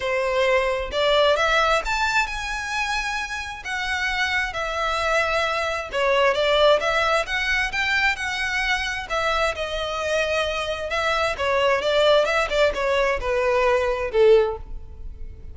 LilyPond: \new Staff \with { instrumentName = "violin" } { \time 4/4 \tempo 4 = 132 c''2 d''4 e''4 | a''4 gis''2. | fis''2 e''2~ | e''4 cis''4 d''4 e''4 |
fis''4 g''4 fis''2 | e''4 dis''2. | e''4 cis''4 d''4 e''8 d''8 | cis''4 b'2 a'4 | }